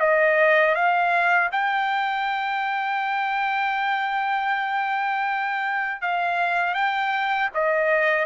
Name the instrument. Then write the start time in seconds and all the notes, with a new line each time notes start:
trumpet
0.00 D#5
0.75 F5
1.52 G5
6.02 F5
6.75 G5
7.55 D#5